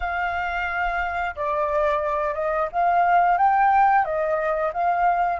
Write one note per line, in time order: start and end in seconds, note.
0.00 1.35 F5
1.35 2.34 D5
2.34 2.68 D#5
2.72 3.37 F5
3.37 4.04 G5
4.04 4.72 D#5
4.73 5.39 F5